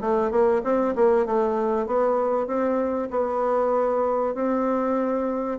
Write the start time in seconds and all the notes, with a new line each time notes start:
0.00 A3
0.30 A#3
0.63 C4
0.95 A#3
1.25 A3
1.86 B3
2.47 C4
3.10 B3
4.34 C4